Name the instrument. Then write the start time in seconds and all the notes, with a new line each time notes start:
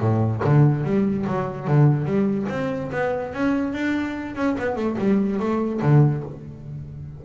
double bass
0.00 A2
0.44 D3
0.84 G3
1.27 F#3
1.67 D3
2.05 G3
2.49 C4
2.92 B3
3.33 C#4
3.73 D4
4.35 C#4
4.58 B3
4.76 A3
4.98 G3
5.39 A3
5.82 D3